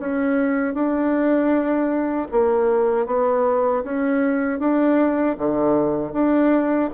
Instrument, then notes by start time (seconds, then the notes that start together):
bassoon
0.00 C#4
0.74 D4
2.32 A#3
3.07 B3
3.84 C#4
4.59 D4
5.38 D3
6.13 D4